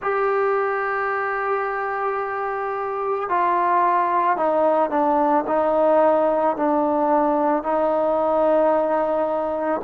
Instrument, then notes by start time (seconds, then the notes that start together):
trombone
0.01 G4
3.29 F4
4.36 D#4
4.89 D4
5.47 D#4
6.56 D4
7.63 D#4